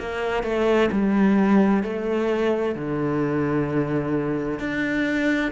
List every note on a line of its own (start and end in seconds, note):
0.00 0.44 A#3
0.44 0.90 A3
0.92 1.83 G3
1.83 2.76 A3
2.76 4.59 D3
4.59 5.52 D4